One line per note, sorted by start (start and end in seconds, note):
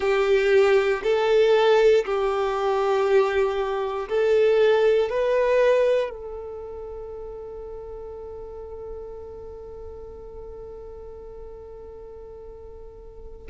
0.00 1.02 G4
1.03 2.04 A4
2.05 4.08 G4
4.08 5.09 A4
5.09 6.10 B4
6.10 13.47 A4